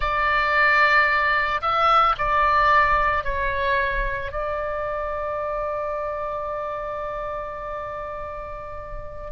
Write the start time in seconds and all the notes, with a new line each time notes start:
0.00 D5
1.61 E5
2.17 D5
3.23 C#5
4.32 D5